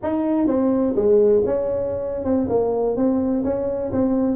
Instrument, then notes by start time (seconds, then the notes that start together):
tuba
0.02 D#4
0.47 C4
0.95 G#3
1.45 C#4
2.24 C4
2.49 A#3
2.96 C4
3.44 C#4
3.92 C4